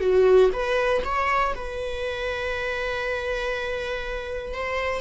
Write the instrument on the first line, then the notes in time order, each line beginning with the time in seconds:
viola
0.00 F#4
0.53 B4
1.04 C#5
1.55 B4
4.53 C5